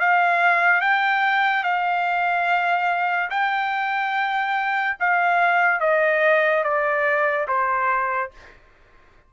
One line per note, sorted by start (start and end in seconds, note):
0.00 0.81 F5
0.81 1.63 G5
1.63 3.30 F5
3.30 4.97 G5
5.00 5.80 F5
5.80 6.64 D#5
6.64 7.47 D5
7.48 8.31 C5